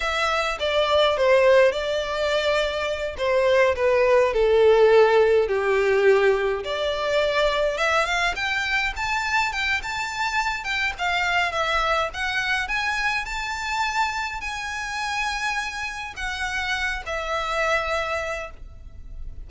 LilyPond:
\new Staff \with { instrumentName = "violin" } { \time 4/4 \tempo 4 = 104 e''4 d''4 c''4 d''4~ | d''4. c''4 b'4 a'8~ | a'4. g'2 d''8~ | d''4. e''8 f''8 g''4 a''8~ |
a''8 g''8 a''4. g''8 f''4 | e''4 fis''4 gis''4 a''4~ | a''4 gis''2. | fis''4. e''2~ e''8 | }